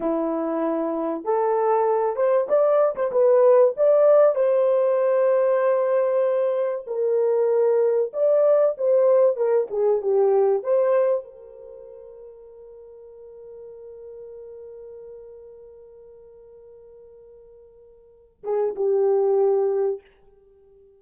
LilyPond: \new Staff \with { instrumentName = "horn" } { \time 4/4 \tempo 4 = 96 e'2 a'4. c''8 | d''8. c''16 b'4 d''4 c''4~ | c''2. ais'4~ | ais'4 d''4 c''4 ais'8 gis'8 |
g'4 c''4 ais'2~ | ais'1~ | ais'1~ | ais'4. gis'8 g'2 | }